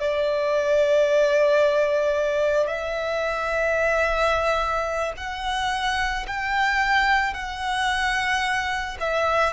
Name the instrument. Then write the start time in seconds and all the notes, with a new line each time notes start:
violin
0.00 D5
2.67 E5
5.17 F#5
6.27 G5
7.33 F#5
9.00 E5